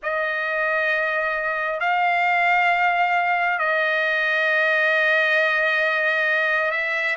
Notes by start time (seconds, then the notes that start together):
0.02 D#5
1.80 F5
3.58 D#5
6.71 E5